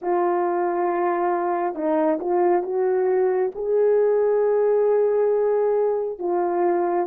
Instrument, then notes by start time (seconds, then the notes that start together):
horn
0.01 F4
1.74 D#4
2.20 F4
2.62 F#4
3.54 G#4
6.18 F4